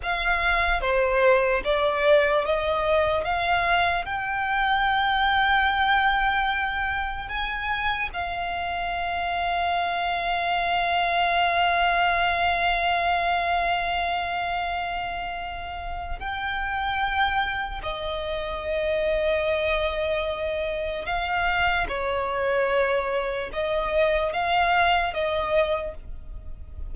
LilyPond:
\new Staff \with { instrumentName = "violin" } { \time 4/4 \tempo 4 = 74 f''4 c''4 d''4 dis''4 | f''4 g''2.~ | g''4 gis''4 f''2~ | f''1~ |
f''1 | g''2 dis''2~ | dis''2 f''4 cis''4~ | cis''4 dis''4 f''4 dis''4 | }